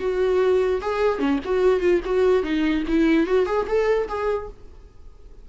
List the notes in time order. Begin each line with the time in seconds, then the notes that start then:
0.00 F#4
0.82 G#4
1.19 C#4
1.45 F#4
1.80 F4
2.05 F#4
2.43 D#4
2.88 E4
3.27 F#4
3.46 G#4
3.67 A4
4.08 G#4